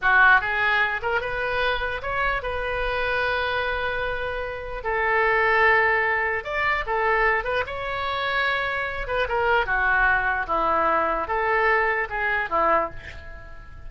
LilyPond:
\new Staff \with { instrumentName = "oboe" } { \time 4/4 \tempo 4 = 149 fis'4 gis'4. ais'8 b'4~ | b'4 cis''4 b'2~ | b'1 | a'1 |
d''4 a'4. b'8 cis''4~ | cis''2~ cis''8 b'8 ais'4 | fis'2 e'2 | a'2 gis'4 e'4 | }